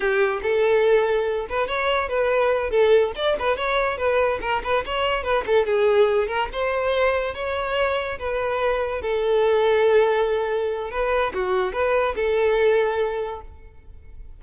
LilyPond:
\new Staff \with { instrumentName = "violin" } { \time 4/4 \tempo 4 = 143 g'4 a'2~ a'8 b'8 | cis''4 b'4. a'4 d''8 | b'8 cis''4 b'4 ais'8 b'8 cis''8~ | cis''8 b'8 a'8 gis'4. ais'8 c''8~ |
c''4. cis''2 b'8~ | b'4. a'2~ a'8~ | a'2 b'4 fis'4 | b'4 a'2. | }